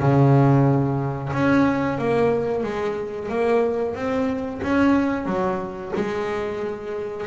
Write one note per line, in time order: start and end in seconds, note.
0.00 1.32 C#3
1.33 1.98 C#4
1.98 2.63 A#3
2.63 3.29 G#3
3.29 3.95 A#3
3.95 4.61 C4
4.62 5.26 C#4
5.26 5.92 F#3
5.96 7.26 G#3